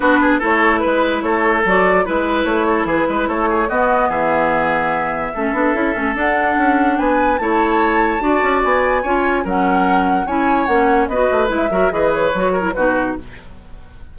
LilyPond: <<
  \new Staff \with { instrumentName = "flute" } { \time 4/4 \tempo 4 = 146 b'4 cis''4 b'4 cis''4 | d''4 b'4 cis''4 b'4 | cis''4 dis''4 e''2~ | e''2. fis''4~ |
fis''4 gis''4 a''2~ | a''4 gis''2 fis''4~ | fis''4 gis''4 fis''4 dis''4 | e''4 dis''8 cis''4. b'4 | }
  \new Staff \with { instrumentName = "oboe" } { \time 4/4 fis'8 gis'8 a'4 b'4 a'4~ | a'4 b'4. a'8 gis'8 b'8 | a'8 gis'8 fis'4 gis'2~ | gis'4 a'2.~ |
a'4 b'4 cis''2 | d''2 cis''4 ais'4~ | ais'4 cis''2 b'4~ | b'8 ais'8 b'4. ais'8 fis'4 | }
  \new Staff \with { instrumentName = "clarinet" } { \time 4/4 d'4 e'2. | fis'4 e'2.~ | e'4 b2.~ | b4 cis'8 d'8 e'8 cis'8 d'4~ |
d'2 e'2 | fis'2 f'4 cis'4~ | cis'4 e'4 cis'4 fis'4 | e'8 fis'8 gis'4 fis'8. e'16 dis'4 | }
  \new Staff \with { instrumentName = "bassoon" } { \time 4/4 b4 a4 gis4 a4 | fis4 gis4 a4 e8 gis8 | a4 b4 e2~ | e4 a8 b8 cis'8 a8 d'4 |
cis'4 b4 a2 | d'8 cis'8 b4 cis'4 fis4~ | fis4 cis'4 ais4 b8 a8 | gis8 fis8 e4 fis4 b,4 | }
>>